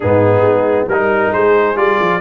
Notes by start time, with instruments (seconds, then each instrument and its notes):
0.00 tuba G#2, trombone B3, horn D#4, trumpet G#4
0.40 tuba G#3
0.86 tuba G3, trombone D#4, horn A#4, trumpet A#4
1.31 tuba G#3, horn G#4, trumpet C5
1.76 tuba G3, trombone F4, trumpet D5
2.00 tuba F3